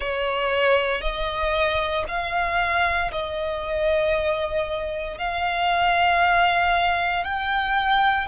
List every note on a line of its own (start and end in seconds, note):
0.00 1.01 C#5
1.01 2.04 D#5
2.07 3.11 F5
3.11 5.18 D#5
5.18 7.24 F5
7.24 8.27 G5